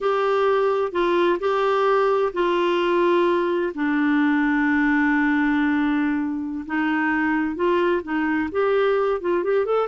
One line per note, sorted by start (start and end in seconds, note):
0.00 0.92 G4
0.92 1.38 F4
1.39 2.32 G4
2.33 3.72 F4
3.74 6.65 D4
6.65 7.55 D#4
7.55 8.01 F4
8.03 8.49 D#4
8.51 9.20 G4
9.20 9.43 F4
9.43 9.65 G4
9.65 9.87 A4